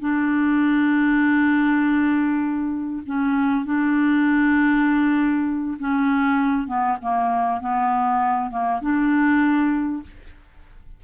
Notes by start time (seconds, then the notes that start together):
0.00 D4
3.06 C#4
3.66 D4
5.79 C#4
6.67 B3
7.02 A#3
7.60 B3
8.50 A#3
8.81 D4